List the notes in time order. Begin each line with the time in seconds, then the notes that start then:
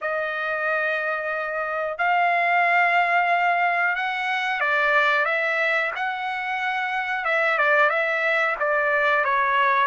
0.01 D#5
1.98 F5
3.95 F#5
4.60 D5
5.25 E5
5.95 F#5
7.24 E5
7.58 D5
7.89 E5
8.59 D5
9.24 C#5